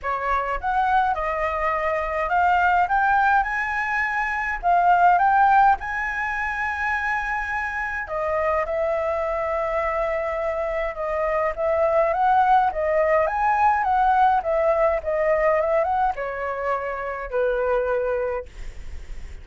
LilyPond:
\new Staff \with { instrumentName = "flute" } { \time 4/4 \tempo 4 = 104 cis''4 fis''4 dis''2 | f''4 g''4 gis''2 | f''4 g''4 gis''2~ | gis''2 dis''4 e''4~ |
e''2. dis''4 | e''4 fis''4 dis''4 gis''4 | fis''4 e''4 dis''4 e''8 fis''8 | cis''2 b'2 | }